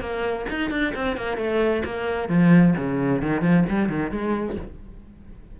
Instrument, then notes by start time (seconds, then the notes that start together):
cello
0.00 A#3
0.49 D#4
0.70 D4
0.95 C4
1.17 A#3
1.37 A3
1.85 A#3
2.29 F3
2.77 C#3
3.21 D#3
3.42 F3
3.69 G3
3.88 D#3
4.11 G#3